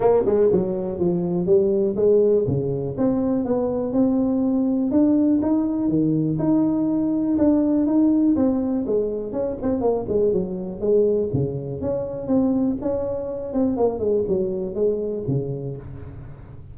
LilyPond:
\new Staff \with { instrumentName = "tuba" } { \time 4/4 \tempo 4 = 122 ais8 gis8 fis4 f4 g4 | gis4 cis4 c'4 b4 | c'2 d'4 dis'4 | dis4 dis'2 d'4 |
dis'4 c'4 gis4 cis'8 c'8 | ais8 gis8 fis4 gis4 cis4 | cis'4 c'4 cis'4. c'8 | ais8 gis8 fis4 gis4 cis4 | }